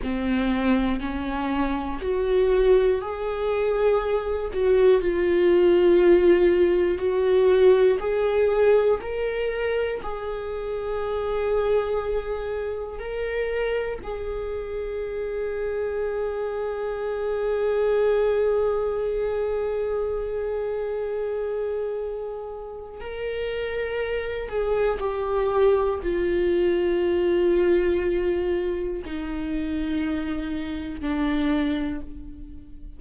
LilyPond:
\new Staff \with { instrumentName = "viola" } { \time 4/4 \tempo 4 = 60 c'4 cis'4 fis'4 gis'4~ | gis'8 fis'8 f'2 fis'4 | gis'4 ais'4 gis'2~ | gis'4 ais'4 gis'2~ |
gis'1~ | gis'2. ais'4~ | ais'8 gis'8 g'4 f'2~ | f'4 dis'2 d'4 | }